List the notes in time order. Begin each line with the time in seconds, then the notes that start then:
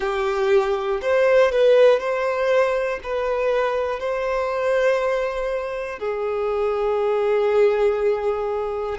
0.00 G4
1.01 C5
1.51 B4
1.99 C5
3.03 B4
3.99 C5
5.99 G#4